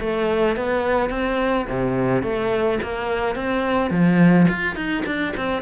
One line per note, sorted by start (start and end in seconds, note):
0.00 0.56 A3
0.56 1.10 B3
1.10 1.66 C4
1.69 2.23 C3
2.23 2.79 A3
2.82 3.35 A#3
3.35 3.90 C4
3.90 4.47 F3
4.49 4.76 F4
4.76 5.04 D#4
5.06 5.34 D4
5.37 5.62 C4